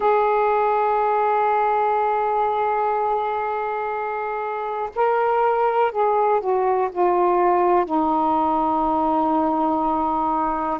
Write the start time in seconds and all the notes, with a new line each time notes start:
0.00 G#4
4.95 A#4
5.91 G#4
6.40 F#4
6.92 F4
7.85 D#4